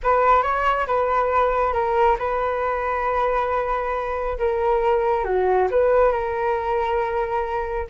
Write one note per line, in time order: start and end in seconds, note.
0.03 0.42 B4
0.42 0.86 C#5
0.86 1.73 B4
1.73 2.17 A#4
2.19 4.38 B4
4.38 5.24 A#4
5.24 5.68 F#4
5.71 6.12 B4
6.12 7.87 A#4